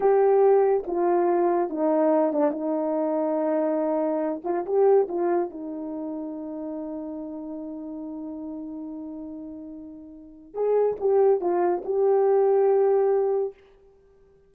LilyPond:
\new Staff \with { instrumentName = "horn" } { \time 4/4 \tempo 4 = 142 g'2 f'2 | dis'4. d'8 dis'2~ | dis'2~ dis'8 f'8 g'4 | f'4 dis'2.~ |
dis'1~ | dis'1~ | dis'4 gis'4 g'4 f'4 | g'1 | }